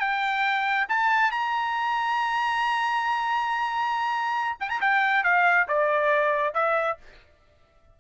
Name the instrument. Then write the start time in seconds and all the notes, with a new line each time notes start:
trumpet
0.00 G5
0.89 A5
1.32 A#5
4.60 G5
4.70 A#5
4.81 G5
5.24 F5
5.68 D5
6.55 E5